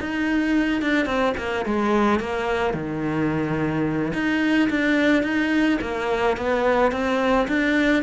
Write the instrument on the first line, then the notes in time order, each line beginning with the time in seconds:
cello
0.00 D#4
0.81 D4
1.06 C4
1.37 A#3
1.65 G#3
2.19 A#3
2.73 D#3
4.13 D#4
4.70 D4
5.22 D#4
5.81 A#3
6.36 B3
6.91 C4
7.47 D4